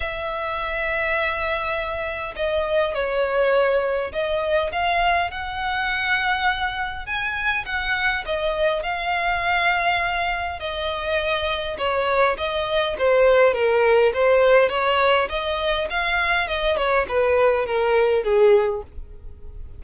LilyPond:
\new Staff \with { instrumentName = "violin" } { \time 4/4 \tempo 4 = 102 e''1 | dis''4 cis''2 dis''4 | f''4 fis''2. | gis''4 fis''4 dis''4 f''4~ |
f''2 dis''2 | cis''4 dis''4 c''4 ais'4 | c''4 cis''4 dis''4 f''4 | dis''8 cis''8 b'4 ais'4 gis'4 | }